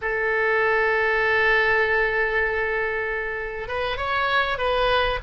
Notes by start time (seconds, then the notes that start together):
0.01 A4
3.68 B4
3.97 C#5
4.58 B4